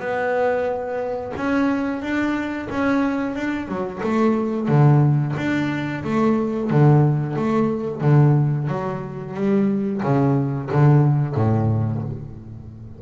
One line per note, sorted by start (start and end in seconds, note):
0.00 1.33 B3
1.37 2.02 C#4
2.02 2.68 D4
2.71 3.35 C#4
3.35 3.68 D4
3.68 4.01 F#3
4.03 4.68 A3
4.68 5.35 D3
5.37 6.04 D4
6.04 6.71 A3
6.71 7.37 D3
7.37 8.02 A3
8.02 8.68 D3
8.68 9.35 F#3
9.35 10.01 G3
10.03 10.70 C#3
10.72 11.35 D3
11.35 12.02 A2